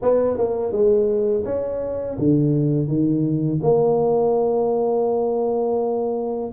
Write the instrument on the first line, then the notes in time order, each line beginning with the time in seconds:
tuba
0.02 B3
0.37 A#3
0.72 G#3
1.45 C#4
2.18 D3
2.87 D#3
3.62 A#3